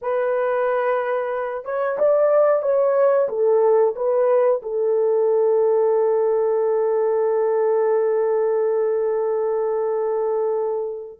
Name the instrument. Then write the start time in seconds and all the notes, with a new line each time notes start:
horn
0.01 B4
1.65 C#5
1.98 D5
2.62 C#5
3.28 A4
3.95 B4
4.62 A4